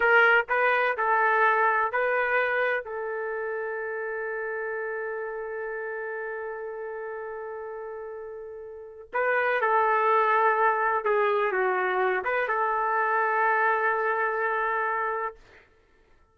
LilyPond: \new Staff \with { instrumentName = "trumpet" } { \time 4/4 \tempo 4 = 125 ais'4 b'4 a'2 | b'2 a'2~ | a'1~ | a'1~ |
a'2. b'4 | a'2. gis'4 | fis'4. b'8 a'2~ | a'1 | }